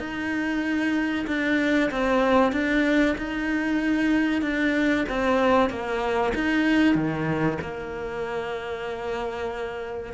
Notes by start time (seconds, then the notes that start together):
0.00 D#4
1.27 D4
1.91 C4
2.53 D4
3.18 D#4
4.42 D4
5.10 C4
5.70 A#3
6.35 D#4
6.95 D#3
7.62 A#3